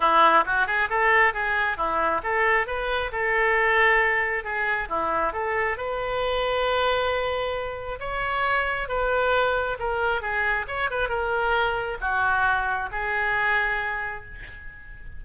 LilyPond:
\new Staff \with { instrumentName = "oboe" } { \time 4/4 \tempo 4 = 135 e'4 fis'8 gis'8 a'4 gis'4 | e'4 a'4 b'4 a'4~ | a'2 gis'4 e'4 | a'4 b'2.~ |
b'2 cis''2 | b'2 ais'4 gis'4 | cis''8 b'8 ais'2 fis'4~ | fis'4 gis'2. | }